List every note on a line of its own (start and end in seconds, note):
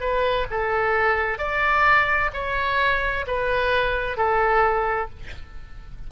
0.00 0.46 B4
0.50 1.38 A4
1.38 2.30 D5
2.33 3.25 C#5
3.27 4.17 B4
4.17 5.09 A4